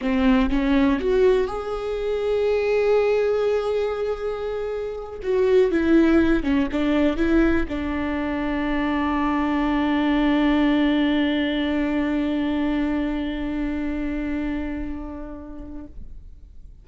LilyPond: \new Staff \with { instrumentName = "viola" } { \time 4/4 \tempo 4 = 121 c'4 cis'4 fis'4 gis'4~ | gis'1~ | gis'2~ gis'8 fis'4 e'8~ | e'4 cis'8 d'4 e'4 d'8~ |
d'1~ | d'1~ | d'1~ | d'1 | }